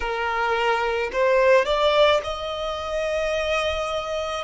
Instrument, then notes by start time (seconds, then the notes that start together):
violin
0.00 A#4
1.12 C5
1.65 D5
2.23 D#5